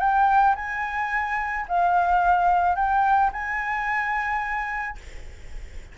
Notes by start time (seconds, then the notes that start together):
0.00 G5
0.56 G#5
1.68 F5
2.75 G5
3.33 G#5